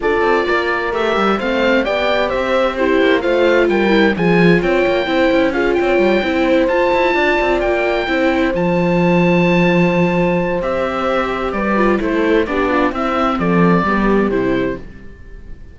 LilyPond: <<
  \new Staff \with { instrumentName = "oboe" } { \time 4/4 \tempo 4 = 130 d''2 e''4 f''4 | g''4 e''4 c''4 f''4 | g''4 gis''4 g''2 | f''8 g''2 a''4.~ |
a''8 g''2 a''4.~ | a''2. e''4~ | e''4 d''4 c''4 d''4 | e''4 d''2 c''4 | }
  \new Staff \with { instrumentName = "horn" } { \time 4/4 a'4 ais'2 c''4 | d''4 c''4 g'4 c''4 | ais'4 gis'4 cis''4 c''4 | gis'8 cis''4 c''2 d''8~ |
d''4. c''2~ c''8~ | c''1~ | c''4 b'4 a'4 g'8 f'8 | e'4 a'4 g'2 | }
  \new Staff \with { instrumentName = "viola" } { \time 4/4 f'2 g'4 c'4 | g'2 e'4 f'4~ | f'8 e'8 f'2 e'4 | f'4. e'4 f'4.~ |
f'4. e'4 f'4.~ | f'2. g'4~ | g'4. f'8 e'4 d'4 | c'2 b4 e'4 | }
  \new Staff \with { instrumentName = "cello" } { \time 4/4 d'8 c'8 ais4 a8 g8 a4 | b4 c'4. ais8 a4 | g4 f4 c'8 ais8 c'8 cis'8~ | cis'8 c'8 g8 c'4 f'8 e'8 d'8 |
c'8 ais4 c'4 f4.~ | f2. c'4~ | c'4 g4 a4 b4 | c'4 f4 g4 c4 | }
>>